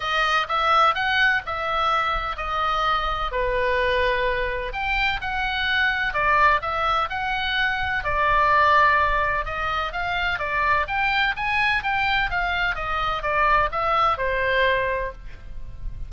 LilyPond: \new Staff \with { instrumentName = "oboe" } { \time 4/4 \tempo 4 = 127 dis''4 e''4 fis''4 e''4~ | e''4 dis''2 b'4~ | b'2 g''4 fis''4~ | fis''4 d''4 e''4 fis''4~ |
fis''4 d''2. | dis''4 f''4 d''4 g''4 | gis''4 g''4 f''4 dis''4 | d''4 e''4 c''2 | }